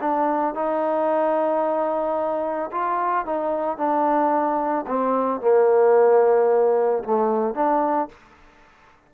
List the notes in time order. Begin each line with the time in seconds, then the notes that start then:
0.00 D4
0.54 D#4
2.71 F4
3.25 D#4
3.77 D4
4.86 C4
5.41 A#3
7.04 A3
7.54 D4